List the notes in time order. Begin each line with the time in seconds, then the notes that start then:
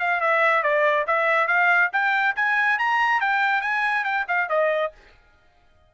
0.00 F5
0.21 E5
0.63 D5
1.07 E5
1.48 F5
1.93 G5
2.36 G#5
2.79 A#5
3.21 G5
3.62 G#5
4.04 G5
4.28 F5
4.49 D#5